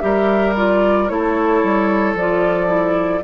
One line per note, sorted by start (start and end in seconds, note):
0.00 1.10 G3
0.00 0.55 G4
0.00 1.12 A#4
0.00 0.54 E5
0.55 1.09 F4
0.55 1.09 D5
1.09 1.63 A3
1.09 2.16 E4
1.09 3.24 A4
1.09 2.16 C#5
1.63 2.15 G3
2.15 3.22 F3
2.15 2.67 F4
2.15 3.24 D5
2.67 3.21 E4